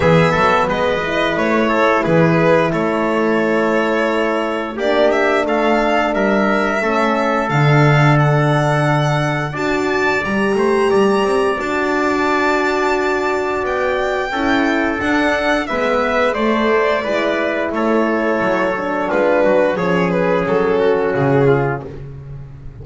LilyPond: <<
  \new Staff \with { instrumentName = "violin" } { \time 4/4 \tempo 4 = 88 e''4 dis''4 cis''4 b'4 | cis''2. d''8 e''8 | f''4 e''2 f''4 | fis''2 a''4 ais''4~ |
ais''4 a''2. | g''2 fis''4 e''4 | d''2 cis''2 | b'4 cis''8 b'8 a'4 gis'4 | }
  \new Staff \with { instrumentName = "trumpet" } { \time 4/4 gis'8 a'8 b'4. a'8 gis'4 | a'2. g'4 | a'4 ais'4 a'2~ | a'2 d''4. c''8 |
d''1~ | d''4 a'2 b'4 | c''4 b'4 a'2 | f'8 fis'8 gis'4. fis'4 f'8 | }
  \new Staff \with { instrumentName = "horn" } { \time 4/4 b4. e'2~ e'8~ | e'2. d'4~ | d'2 cis'4 d'4~ | d'2 fis'4 g'4~ |
g'4 fis'2.~ | fis'4 e'4 d'4 b4 | a4 e'2~ e'8 d'8~ | d'4 cis'2. | }
  \new Staff \with { instrumentName = "double bass" } { \time 4/4 e8 fis8 gis4 a4 e4 | a2. ais4 | a4 g4 a4 d4~ | d2 d'4 g8 a8 |
g8 c'8 d'2. | b4 cis'4 d'4 gis4 | a4 gis4 a4 fis4 | gis8 fis8 f4 fis4 cis4 | }
>>